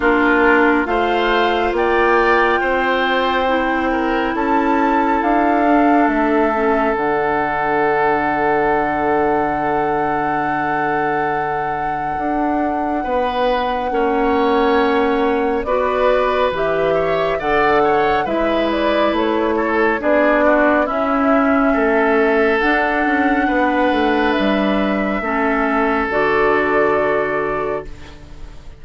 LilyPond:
<<
  \new Staff \with { instrumentName = "flute" } { \time 4/4 \tempo 4 = 69 ais'4 f''4 g''2~ | g''4 a''4 f''4 e''4 | fis''1~ | fis''1~ |
fis''2 d''4 e''4 | fis''4 e''8 d''8 cis''4 d''4 | e''2 fis''2 | e''2 d''2 | }
  \new Staff \with { instrumentName = "oboe" } { \time 4/4 f'4 c''4 d''4 c''4~ | c''8 ais'8 a'2.~ | a'1~ | a'2. b'4 |
cis''2 b'4. cis''8 | d''8 cis''8 b'4. a'8 gis'8 fis'8 | e'4 a'2 b'4~ | b'4 a'2. | }
  \new Staff \with { instrumentName = "clarinet" } { \time 4/4 d'4 f'2. | e'2~ e'8 d'4 cis'8 | d'1~ | d'1 |
cis'2 fis'4 g'4 | a'4 e'2 d'4 | cis'2 d'2~ | d'4 cis'4 fis'2 | }
  \new Staff \with { instrumentName = "bassoon" } { \time 4/4 ais4 a4 ais4 c'4~ | c'4 cis'4 d'4 a4 | d1~ | d2 d'4 b4 |
ais2 b4 e4 | d4 gis4 a4 b4 | cis'4 a4 d'8 cis'8 b8 a8 | g4 a4 d2 | }
>>